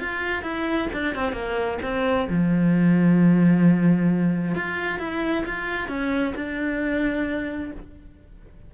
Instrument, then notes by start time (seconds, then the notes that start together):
cello
0.00 F4
0.43 E4
0.93 D4
1.15 C4
1.33 A#3
1.82 C4
2.30 F3
4.55 F4
4.99 E4
5.45 F4
5.88 C#4
6.36 D4